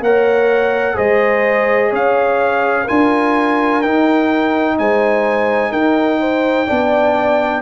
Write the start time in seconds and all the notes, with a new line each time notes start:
0.00 A#3 A#4 C#5 F#5
0.94 G#3 G#4 C5 D#5
1.90 C#4 C#5 F5
2.84 D4 F4 A#4 G#5
3.82 D#4 G5
4.78 G#3 C5 G#5
5.71 D#4 A#4 G5
6.20 C5
6.67 B3 D4 D5